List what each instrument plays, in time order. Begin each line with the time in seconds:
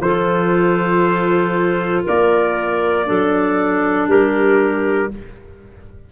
0.00 tuba F3, clarinet F4 A4, trumpet C5
2.04 tuba A#3, clarinet A#4, trumpet D5
3.05 tuba F#3, clarinet D4 A4
4.08 tuba G3, clarinet G4, trumpet A#4